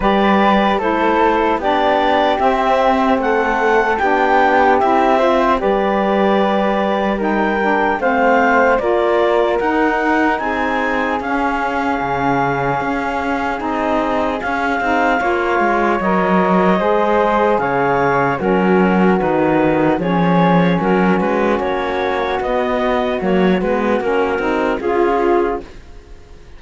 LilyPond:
<<
  \new Staff \with { instrumentName = "clarinet" } { \time 4/4 \tempo 4 = 75 d''4 c''4 d''4 e''4 | fis''4 g''4 e''4 d''4~ | d''4 g''4 f''4 d''4 | fis''4 gis''4 f''2~ |
f''4 dis''4 f''2 | dis''2 f''4 ais'4 | b'4 cis''4 ais'8 b'8 cis''4 | dis''4 cis''8 b'8 ais'4 gis'4 | }
  \new Staff \with { instrumentName = "flute" } { \time 4/4 b'4 a'4 g'2 | a'4 g'4. c''8 b'4~ | b'4 ais'4 c''4 ais'4~ | ais'4 gis'2.~ |
gis'2. cis''4~ | cis''4 c''4 cis''4 fis'4~ | fis'4 gis'4 fis'2~ | fis'2. f'4 | }
  \new Staff \with { instrumentName = "saxophone" } { \time 4/4 g'4 e'4 d'4 c'4~ | c'4 d'4 e'8 f'8 g'4~ | g'4 dis'8 d'8 c'4 f'4 | dis'2 cis'2~ |
cis'4 dis'4 cis'8 dis'8 f'4 | ais'4 gis'2 cis'4 | dis'4 cis'2. | b4 ais8 b8 cis'8 dis'8 f'4 | }
  \new Staff \with { instrumentName = "cello" } { \time 4/4 g4 a4 b4 c'4 | a4 b4 c'4 g4~ | g2 a4 ais4 | dis'4 c'4 cis'4 cis4 |
cis'4 c'4 cis'8 c'8 ais8 gis8 | fis4 gis4 cis4 fis4 | dis4 f4 fis8 gis8 ais4 | b4 fis8 gis8 ais8 c'8 cis'4 | }
>>